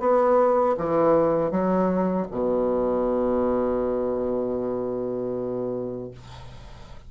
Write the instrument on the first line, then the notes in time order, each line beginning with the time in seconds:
bassoon
0.00 B3
0.78 E3
1.51 F#3
2.31 B2